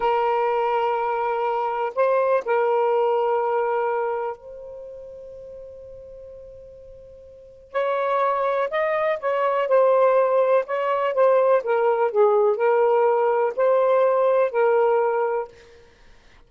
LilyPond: \new Staff \with { instrumentName = "saxophone" } { \time 4/4 \tempo 4 = 124 ais'1 | c''4 ais'2.~ | ais'4 c''2.~ | c''1 |
cis''2 dis''4 cis''4 | c''2 cis''4 c''4 | ais'4 gis'4 ais'2 | c''2 ais'2 | }